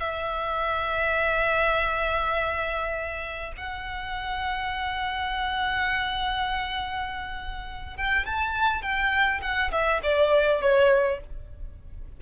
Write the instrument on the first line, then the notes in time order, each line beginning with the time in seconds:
violin
0.00 E5
3.57 F#5
7.97 G5
8.26 A5
8.82 G5
9.42 F#5
9.72 E5
10.03 D5
10.61 C#5